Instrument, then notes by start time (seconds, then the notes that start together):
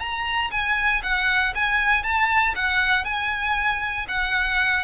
violin
0.00 A#5
0.51 G#5
1.03 F#5
1.55 G#5
2.04 A5
2.55 F#5
3.05 G#5
4.08 F#5